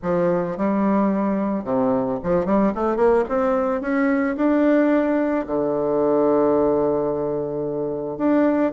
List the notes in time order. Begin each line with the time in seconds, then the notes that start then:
0.02 F3
0.57 G3
1.64 C3
2.23 F3
2.45 G3
2.74 A3
2.96 A#3
3.29 C4
3.81 C#4
4.36 D4
5.46 D3
8.17 D4